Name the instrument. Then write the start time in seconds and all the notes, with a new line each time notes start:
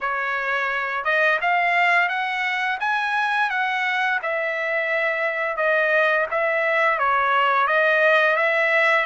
trumpet
0.00 C#5
1.04 D#5
1.41 F5
2.08 F#5
2.80 G#5
3.49 F#5
4.22 E5
5.57 D#5
6.30 E5
6.99 C#5
7.67 D#5
8.36 E5